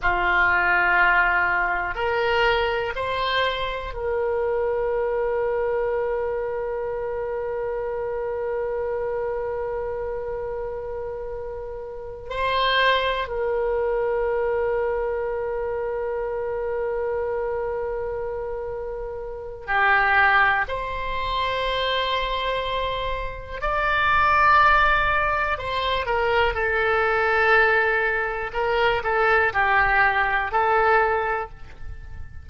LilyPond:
\new Staff \with { instrumentName = "oboe" } { \time 4/4 \tempo 4 = 61 f'2 ais'4 c''4 | ais'1~ | ais'1~ | ais'8 c''4 ais'2~ ais'8~ |
ais'1 | g'4 c''2. | d''2 c''8 ais'8 a'4~ | a'4 ais'8 a'8 g'4 a'4 | }